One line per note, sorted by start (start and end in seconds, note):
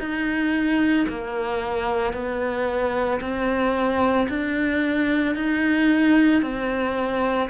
0.00 1.07 D#4
1.09 2.14 A#3
2.14 3.21 B3
3.21 4.28 C4
4.29 5.36 D4
5.36 6.42 D#4
6.42 7.50 C4